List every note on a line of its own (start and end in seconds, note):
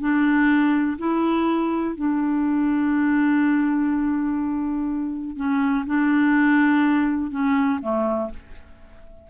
0.00 0.98 D4
0.98 1.96 E4
1.96 5.36 D4
5.36 5.85 C#4
5.86 7.31 D4
7.31 7.80 C#4
7.82 8.30 A3